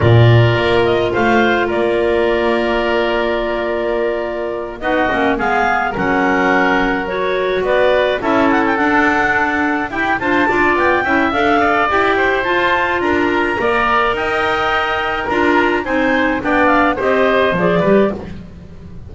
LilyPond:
<<
  \new Staff \with { instrumentName = "clarinet" } { \time 4/4 \tempo 4 = 106 d''4. dis''8 f''4 d''4~ | d''1~ | d''8 dis''4 f''4 fis''4.~ | fis''8 cis''4 d''4 e''8 fis''16 g''16 fis''8~ |
fis''4. g''8 a''4 g''4 | f''4 g''4 a''4 ais''4~ | ais''4 g''2 ais''4 | gis''4 g''8 f''8 dis''4 d''4 | }
  \new Staff \with { instrumentName = "oboe" } { \time 4/4 ais'2 c''4 ais'4~ | ais'1~ | ais'8 fis'4 gis'4 ais'4.~ | ais'4. b'4 a'4.~ |
a'4. g'8 c''8 d''4 e''8~ | e''8 d''4 c''4. ais'4 | d''4 dis''2 ais'4 | c''4 d''4 c''4. b'8 | }
  \new Staff \with { instrumentName = "clarinet" } { \time 4/4 f'1~ | f'1~ | f'8 dis'8 cis'8 b4 cis'4.~ | cis'8 fis'2 e'4 d'8~ |
d'4. e'8 d'8 f'4 e'8 | a'4 g'4 f'2 | ais'2. f'4 | dis'4 d'4 g'4 gis'8 g'8 | }
  \new Staff \with { instrumentName = "double bass" } { \time 4/4 ais,4 ais4 a4 ais4~ | ais1~ | ais8 b8 ais8 gis4 fis4.~ | fis4. b4 cis'4 d'8~ |
d'4. e'8 f'8 d'8 b8 cis'8 | d'4 e'4 f'4 d'4 | ais4 dis'2 d'4 | c'4 b4 c'4 f8 g8 | }
>>